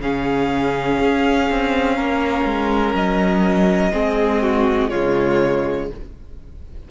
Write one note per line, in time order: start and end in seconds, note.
0.00 0.98 C#3
0.00 3.92 C#4
0.00 1.96 G#4
0.00 2.95 F5
1.00 1.49 C#4
1.50 1.99 C4
1.96 2.45 A#3
1.96 3.92 A#4
2.45 2.94 G#3
2.94 3.92 F#3
2.94 4.90 D#5
3.92 4.92 G#3
3.92 4.91 C4
3.92 4.43 G#4
4.43 4.90 F#4
4.90 5.91 C#3
4.90 5.90 G#3
4.90 5.88 F4
4.90 5.88 C#5